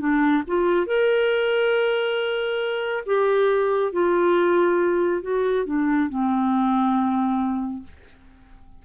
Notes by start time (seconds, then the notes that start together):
0.00 D4
0.47 F4
0.87 A#4
3.06 G4
3.92 F4
5.23 F#4
5.66 D4
6.10 C4